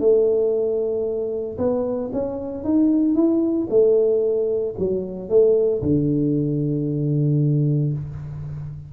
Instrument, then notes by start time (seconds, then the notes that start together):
tuba
0.00 A3
1.58 B3
2.13 C#4
2.64 D#4
3.15 E4
3.70 A3
4.79 F#3
5.29 A3
5.83 D3